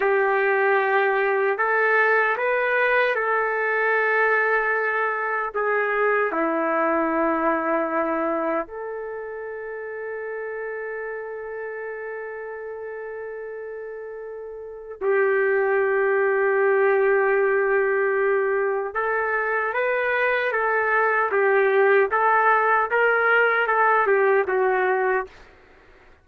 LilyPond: \new Staff \with { instrumentName = "trumpet" } { \time 4/4 \tempo 4 = 76 g'2 a'4 b'4 | a'2. gis'4 | e'2. a'4~ | a'1~ |
a'2. g'4~ | g'1 | a'4 b'4 a'4 g'4 | a'4 ais'4 a'8 g'8 fis'4 | }